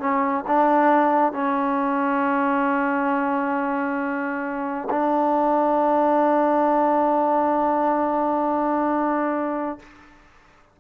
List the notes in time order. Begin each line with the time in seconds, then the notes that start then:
0.00 C#4
0.47 D4
1.33 C#4
4.90 D4